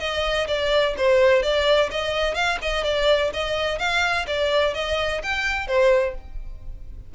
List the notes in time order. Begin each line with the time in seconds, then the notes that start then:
0.00 D#5
0.48 D5
0.98 C5
1.43 D5
1.91 D#5
2.35 F5
2.62 D#5
2.84 D5
3.33 D#5
3.79 F5
4.27 D5
4.75 D#5
5.23 G5
5.68 C5